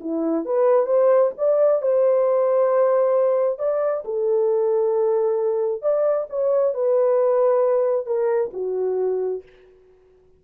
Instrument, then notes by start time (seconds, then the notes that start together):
horn
0.00 E4
0.45 B4
0.86 C5
1.37 D5
1.82 C5
3.58 D5
4.04 A4
5.82 D5
6.30 C#5
6.74 B4
8.06 A#4
8.53 F#4